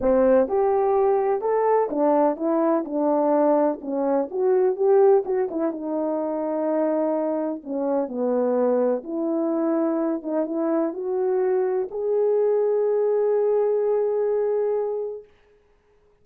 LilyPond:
\new Staff \with { instrumentName = "horn" } { \time 4/4 \tempo 4 = 126 c'4 g'2 a'4 | d'4 e'4 d'2 | cis'4 fis'4 g'4 fis'8 e'8 | dis'1 |
cis'4 b2 e'4~ | e'4. dis'8 e'4 fis'4~ | fis'4 gis'2.~ | gis'1 | }